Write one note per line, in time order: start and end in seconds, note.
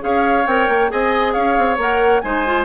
0.00 0.46 C#4
0.00 0.44 G#4
0.00 0.91 C#5
0.00 0.47 F5
0.46 0.68 C4
0.46 0.88 A#4
0.46 0.91 G5
0.68 0.90 A#3
0.88 1.36 C4
0.88 1.76 G#4
0.88 1.33 D#5
0.88 1.33 G#5
1.33 1.57 C#4
1.33 2.22 C#5
1.33 1.77 F5
1.57 1.78 C4
1.78 2.22 A#3
1.78 2.23 A#4
1.78 2.20 F#5
2.20 2.65 G#3
2.20 2.45 D#4
2.20 2.65 C5
2.20 2.65 G#5
2.46 2.65 F4